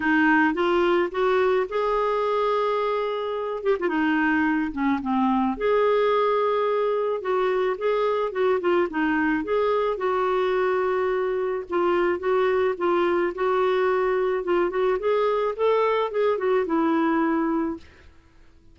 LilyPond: \new Staff \with { instrumentName = "clarinet" } { \time 4/4 \tempo 4 = 108 dis'4 f'4 fis'4 gis'4~ | gis'2~ gis'8 g'16 f'16 dis'4~ | dis'8 cis'8 c'4 gis'2~ | gis'4 fis'4 gis'4 fis'8 f'8 |
dis'4 gis'4 fis'2~ | fis'4 f'4 fis'4 f'4 | fis'2 f'8 fis'8 gis'4 | a'4 gis'8 fis'8 e'2 | }